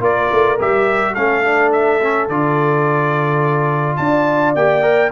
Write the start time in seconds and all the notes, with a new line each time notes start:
0.00 A#3 F4 A#4 D5
0.31 A3
0.59 G3 G4 E5
1.13 A3 C#4 A4 F5
1.43 D4
1.72 E5
2.01 C#4
2.28 D3 F4 D5
3.96 D4 D5 A5
4.54 A#3 G4 G5
4.82 A#4